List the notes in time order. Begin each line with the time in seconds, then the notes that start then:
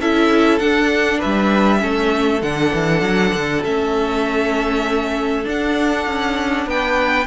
0.00 C#4 E4 A4 E5
0.59 D4 F#5
1.19 B4 E5
1.25 G3
1.79 A3 C#4 A4
2.42 D3 D4 F#5
2.74 E3
3.02 F#3
3.33 D3
3.64 A3 C#4 E5
5.44 D4 F#5
6.07 C#4
6.67 B3 B4 G5